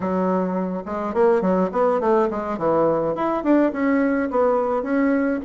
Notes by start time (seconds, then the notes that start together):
0.00 F#3
0.85 G#3
1.14 A#3
1.41 F#3
1.72 B3
2.00 A3
2.30 G#3
2.58 E3
3.15 E4
3.43 D4
3.72 C#4
4.30 B3
4.83 C#4